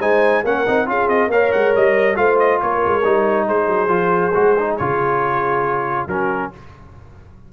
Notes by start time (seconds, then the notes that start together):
0.00 G#3 D#4 C5 G#5
0.45 A#3 C#4 A#4 F#5
0.67 C4 D#4
0.87 C#4 F4 G#4 F5
1.08 C4 D#5
1.28 A#3 C#5 F5
1.34 A#4
1.52 G#3 F#5
1.76 G3 D#5
2.15 A3 F4 C5 F5
2.39 D#5
2.62 A#3 A#4 C#5
2.86 G#3
3.05 G3 D#4
3.48 G#3 G#4 C5
3.68 F#3
3.89 F3 F4
4.34 G#3 F#4
4.59 D#4
4.77 C#3 F4 C#5
6.07 F#3 C#4 F#4 A#4